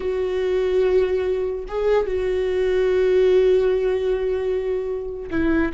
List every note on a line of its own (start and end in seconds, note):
0.00 1.65 F#4
1.67 2.06 G#4
2.06 5.29 F#4
5.30 5.72 E4